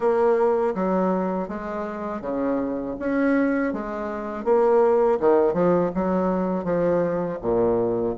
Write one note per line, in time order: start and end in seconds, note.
0.00 0.74 A#3
0.74 1.48 F#3
1.48 2.21 G#3
2.21 2.95 C#3
2.99 3.73 C#4
3.73 4.44 G#3
4.44 5.18 A#3
5.20 5.54 D#3
5.54 5.91 F3
5.95 6.64 F#3
6.64 7.38 F3
7.41 8.15 A#2